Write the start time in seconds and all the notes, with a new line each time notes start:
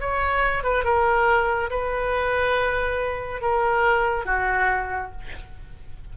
0.00 C#5
0.64 B4
0.84 A#4
1.70 B4
3.42 A#4
4.25 F#4